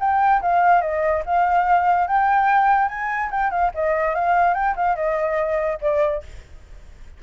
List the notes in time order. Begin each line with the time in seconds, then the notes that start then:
0.00 G5
0.42 F5
0.81 D#5
1.26 F5
2.07 G5
2.89 G#5
3.31 G5
3.51 F5
3.75 D#5
4.15 F5
4.54 G5
4.76 F5
4.96 D#5
5.81 D5